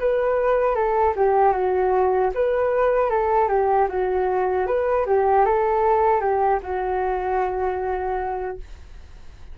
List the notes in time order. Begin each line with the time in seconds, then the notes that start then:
0.00 B4
0.75 A4
1.16 G4
1.53 F#4
2.35 B4
3.11 A4
3.49 G4
3.89 F#4
4.67 B4
5.06 G4
5.46 A4
6.21 G4
6.63 F#4